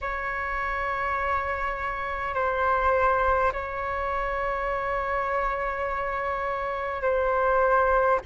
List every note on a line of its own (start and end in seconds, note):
0.01 2.34 C#5
2.34 3.51 C5
3.52 7.02 C#5
7.02 8.19 C5